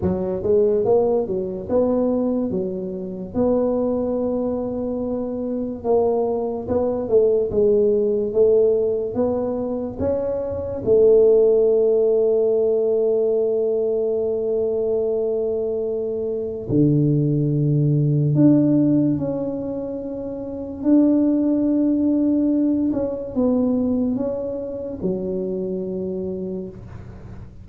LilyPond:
\new Staff \with { instrumentName = "tuba" } { \time 4/4 \tempo 4 = 72 fis8 gis8 ais8 fis8 b4 fis4 | b2. ais4 | b8 a8 gis4 a4 b4 | cis'4 a2.~ |
a1 | d2 d'4 cis'4~ | cis'4 d'2~ d'8 cis'8 | b4 cis'4 fis2 | }